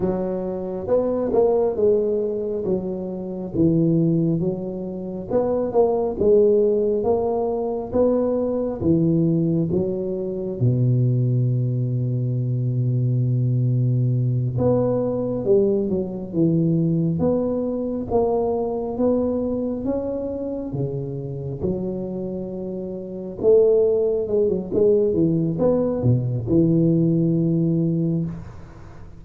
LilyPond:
\new Staff \with { instrumentName = "tuba" } { \time 4/4 \tempo 4 = 68 fis4 b8 ais8 gis4 fis4 | e4 fis4 b8 ais8 gis4 | ais4 b4 e4 fis4 | b,1~ |
b,8 b4 g8 fis8 e4 b8~ | b8 ais4 b4 cis'4 cis8~ | cis8 fis2 a4 gis16 fis16 | gis8 e8 b8 b,8 e2 | }